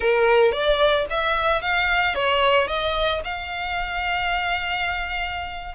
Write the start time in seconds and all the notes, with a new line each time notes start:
0.00 A#4
0.52 D5
1.10 E5
1.61 F5
2.14 C#5
2.67 D#5
3.24 F5